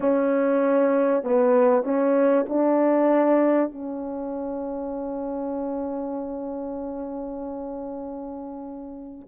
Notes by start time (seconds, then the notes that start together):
0.00 C#4
1.23 B3
1.83 C#4
2.49 D4
3.71 C#4